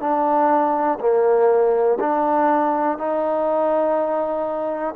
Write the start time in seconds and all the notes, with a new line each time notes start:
0.00 D4
1.00 A#3
2.00 D4
2.98 D#4